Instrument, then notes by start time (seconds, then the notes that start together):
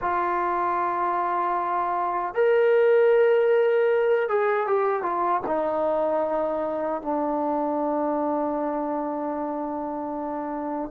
trombone
0.01 F4
2.34 A#4
4.29 G#4
4.66 G4
5.02 F4
5.46 D#4
7.02 D4